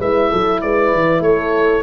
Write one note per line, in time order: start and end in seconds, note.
0.00 0.31 G#3
0.00 1.84 E4
0.00 0.31 B4
0.00 0.62 E5
0.31 0.63 F#3
0.31 0.62 A4
0.62 0.94 G#3
0.62 1.25 B4
0.62 1.23 D5
0.94 1.21 E3
1.21 1.83 A3
1.21 1.84 A4
1.21 1.84 C#5